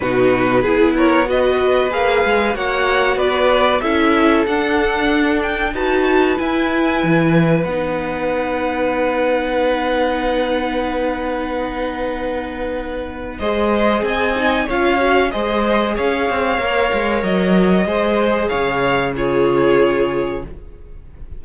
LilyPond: <<
  \new Staff \with { instrumentName = "violin" } { \time 4/4 \tempo 4 = 94 b'4. cis''8 dis''4 f''4 | fis''4 d''4 e''4 fis''4~ | fis''8 g''8 a''4 gis''2 | fis''1~ |
fis''1~ | fis''4 dis''4 gis''4 f''4 | dis''4 f''2 dis''4~ | dis''4 f''4 cis''2 | }
  \new Staff \with { instrumentName = "violin" } { \time 4/4 fis'4 gis'8 ais'8 b'2 | cis''4 b'4 a'2~ | a'4 b'2.~ | b'1~ |
b'1~ | b'4 c''4 dis''4 cis''4 | c''4 cis''2. | c''4 cis''4 gis'2 | }
  \new Staff \with { instrumentName = "viola" } { \time 4/4 dis'4 e'4 fis'4 gis'4 | fis'2 e'4 d'4~ | d'4 fis'4 e'2 | dis'1~ |
dis'1~ | dis'4 gis'4. dis'8 f'8 fis'8 | gis'2 ais'2 | gis'2 f'2 | }
  \new Staff \with { instrumentName = "cello" } { \time 4/4 b,4 b2 ais8 gis8 | ais4 b4 cis'4 d'4~ | d'4 dis'4 e'4 e4 | b1~ |
b1~ | b4 gis4 c'4 cis'4 | gis4 cis'8 c'8 ais8 gis8 fis4 | gis4 cis2. | }
>>